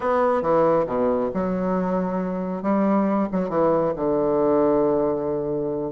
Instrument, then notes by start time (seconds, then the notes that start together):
bassoon
0.00 B3
0.42 E3
0.86 B2
1.34 F#3
2.62 G3
3.31 F#3
3.49 E3
3.96 D3